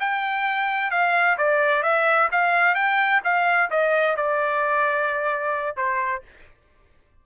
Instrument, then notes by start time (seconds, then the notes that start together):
trumpet
0.00 G5
0.91 F5
1.38 D5
1.83 E5
2.31 F5
2.75 G5
3.24 F5
3.70 D#5
4.17 D5
5.76 C5